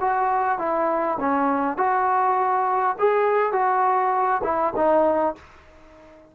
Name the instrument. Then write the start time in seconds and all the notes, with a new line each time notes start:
trombone
0.00 F#4
0.58 E4
1.20 C#4
1.77 F#4
2.99 G#4
3.52 F#4
4.43 E4
4.76 D#4